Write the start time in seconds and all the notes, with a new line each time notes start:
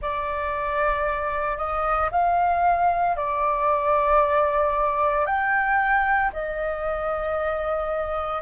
0.01 D5
1.57 D#5
2.11 F5
3.16 D5
5.25 G5
6.33 D#5